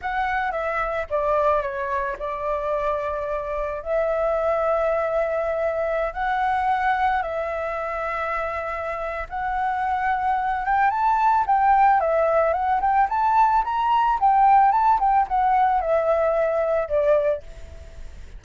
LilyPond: \new Staff \with { instrumentName = "flute" } { \time 4/4 \tempo 4 = 110 fis''4 e''4 d''4 cis''4 | d''2. e''4~ | e''2.~ e''16 fis''8.~ | fis''4~ fis''16 e''2~ e''8.~ |
e''4 fis''2~ fis''8 g''8 | a''4 g''4 e''4 fis''8 g''8 | a''4 ais''4 g''4 a''8 g''8 | fis''4 e''2 d''4 | }